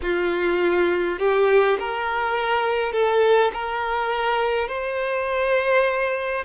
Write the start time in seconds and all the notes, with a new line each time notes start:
0.02 F4
1.18 G4
1.79 A#4
2.92 A4
3.53 A#4
4.67 C5